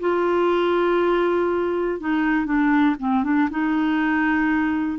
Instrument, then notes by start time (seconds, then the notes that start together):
clarinet
0.00 F4
2.00 D#4
2.45 D4
2.99 C4
3.23 D4
3.50 D#4